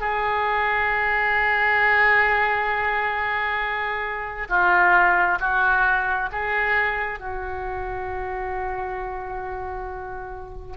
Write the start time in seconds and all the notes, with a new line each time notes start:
0.00 G#4
4.49 F4
5.40 F#4
6.31 G#4
7.19 F#4